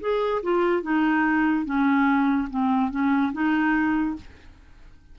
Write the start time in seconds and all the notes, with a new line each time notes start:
0.00 G#4
0.43 F4
0.82 D#4
1.65 C#4
2.50 C4
2.91 C#4
3.32 D#4